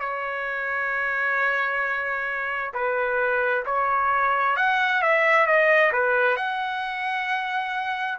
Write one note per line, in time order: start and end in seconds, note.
0.00 2.73 C#5
2.74 3.64 B4
3.66 4.57 C#5
4.57 5.02 F#5
5.02 5.46 E5
5.46 5.92 D#5
5.92 6.36 B4
6.36 8.18 F#5